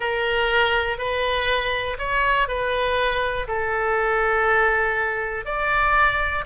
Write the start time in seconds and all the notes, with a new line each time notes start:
0.00 A#4
0.98 B4
1.98 C#5
2.48 B4
3.47 A4
5.45 D5